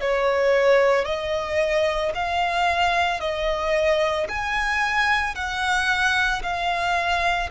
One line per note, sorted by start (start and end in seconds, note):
0.00 1.05 C#5
1.05 2.12 D#5
2.14 3.20 F5
3.20 4.27 D#5
4.29 5.35 G#5
5.35 6.42 F#5
6.42 7.50 F5